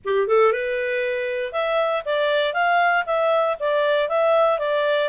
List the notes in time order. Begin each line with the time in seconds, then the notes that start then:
0.05 G4
0.27 A4
0.52 B4
1.52 E5
2.05 D5
2.53 F5
3.06 E5
3.59 D5
4.09 E5
4.58 D5